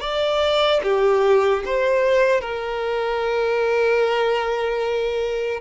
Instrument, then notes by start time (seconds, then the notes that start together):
violin
0.00 D5
0.83 G4
1.65 C5
2.40 A#4